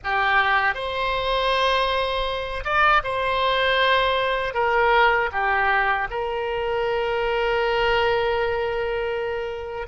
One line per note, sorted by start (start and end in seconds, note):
0.03 0.74 G4
0.74 2.64 C5
2.64 3.02 D5
3.03 4.54 C5
4.54 5.30 A#4
5.32 6.08 G4
6.10 9.87 A#4